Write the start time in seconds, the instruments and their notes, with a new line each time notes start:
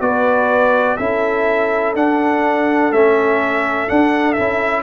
0.00 tuba B3, trombone F#4, horn B4, trumpet D5
0.96 tuba C#4, trombone E4, horn A4, trumpet E5
1.95 tuba D4, trombone D4, trumpet F#5
2.91 tuba A3, trombone C#4, trumpet E5
3.87 trombone D4, tuba D4, trumpet F#5
4.32 tuba C#4, trombone E4, trumpet E5